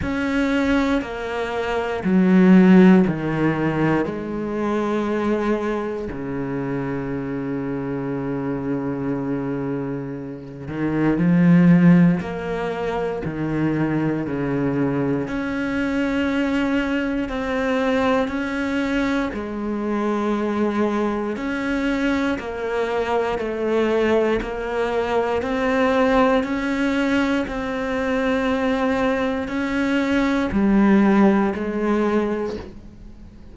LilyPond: \new Staff \with { instrumentName = "cello" } { \time 4/4 \tempo 4 = 59 cis'4 ais4 fis4 dis4 | gis2 cis2~ | cis2~ cis8 dis8 f4 | ais4 dis4 cis4 cis'4~ |
cis'4 c'4 cis'4 gis4~ | gis4 cis'4 ais4 a4 | ais4 c'4 cis'4 c'4~ | c'4 cis'4 g4 gis4 | }